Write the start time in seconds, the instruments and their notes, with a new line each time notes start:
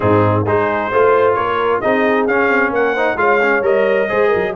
0.00 tuba G#2, trombone C4, horn D#4, trumpet G#4
0.45 tuba G#3, trombone D#4, horn G#4, trumpet C5
0.91 tuba A3, trombone F4, horn C5
1.34 tuba A#3, horn A#4, trumpet C#5
1.80 tuba C4, trombone D#4, horn G#4, trumpet D#5
2.27 tuba C#4, trombone C#4, trumpet F5
2.48 tuba C4
2.69 tuba A#3, trumpet F#5
2.76 horn A#4
2.93 trombone D#4, horn C5
3.16 tuba G#3, trombone F4, horn C#5, trumpet F5
3.42 trombone C#4
3.61 tuba G3, trombone A#4, trumpet D#5
4.08 tuba G#3, trombone G#4, horn C5
4.27 horn A#4
4.35 tuba F#3